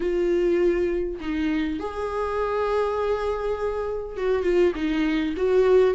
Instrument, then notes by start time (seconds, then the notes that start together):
viola
0.00 F4
1.20 D#4
1.79 G#4
4.17 F#4
4.43 F4
4.75 D#4
5.37 F#4